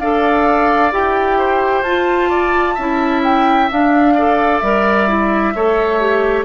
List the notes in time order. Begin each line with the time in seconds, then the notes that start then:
0.00 D4 A4 D5 F5
0.92 E4 G4 G5
1.38 C5
1.82 F4 A5
2.30 D5
2.75 C#4 E4 E5
3.24 G5
3.70 D4 F5
4.16 A4 D5
4.60 G3 A#4 E5
5.08 E4
5.55 A3 A4 C#5
6.01 G4